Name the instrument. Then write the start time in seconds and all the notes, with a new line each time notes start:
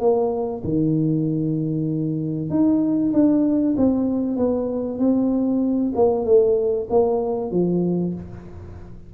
tuba
0.00 A#3
0.64 D#3
2.50 D#4
3.13 D4
3.77 C4
4.37 B3
4.99 C4
5.96 A#3
6.25 A3
6.90 A#3
7.51 F3